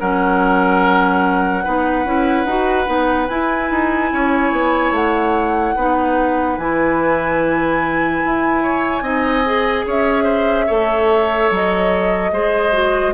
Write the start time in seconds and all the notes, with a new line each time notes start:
0.00 F#3 C#4 A#4 F#5
1.64 B3 D#4 B4
2.05 C#4 E4
2.46 D#4 F#4
2.86 B3 D#4
3.29 E4 G#5
3.71 D#4
4.12 C#4 C#5
4.52 B3
4.92 A3 F#5
5.76 B3 D#4 B4
6.58 E3 E4 G#5
8.26 E4
8.63 C#5
9.02 C4 D#4 D#5
9.46 G#4
9.87 C#4 C#5 E5
10.24 C5
10.67 A3 A4 C#5
11.51 F#3 D#5
12.32 G#3 G#4 C5
12.72 F#4